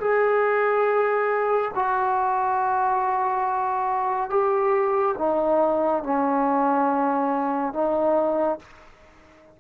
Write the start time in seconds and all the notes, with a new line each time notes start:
0.00 G#4
1.75 F#4
4.30 G4
5.18 D#4
6.04 C#4
7.73 D#4